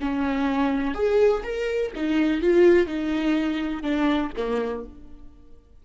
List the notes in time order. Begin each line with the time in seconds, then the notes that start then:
0.00 C#4
0.94 G#4
1.43 A#4
1.95 D#4
2.41 F4
2.86 D#4
3.82 D4
4.36 A#3